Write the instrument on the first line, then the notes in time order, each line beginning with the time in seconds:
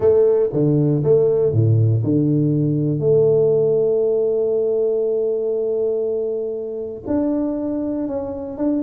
tuba
0.00 A3
0.52 D3
1.03 A3
1.52 A2
2.03 D3
2.99 A3
7.07 D4
8.07 C#4
8.57 D4